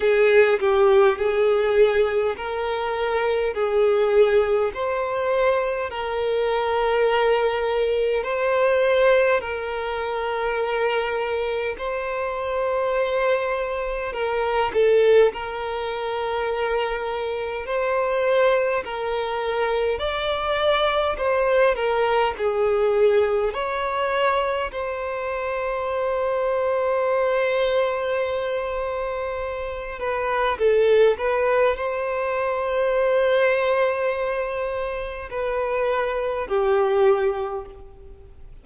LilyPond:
\new Staff \with { instrumentName = "violin" } { \time 4/4 \tempo 4 = 51 gis'8 g'8 gis'4 ais'4 gis'4 | c''4 ais'2 c''4 | ais'2 c''2 | ais'8 a'8 ais'2 c''4 |
ais'4 d''4 c''8 ais'8 gis'4 | cis''4 c''2.~ | c''4. b'8 a'8 b'8 c''4~ | c''2 b'4 g'4 | }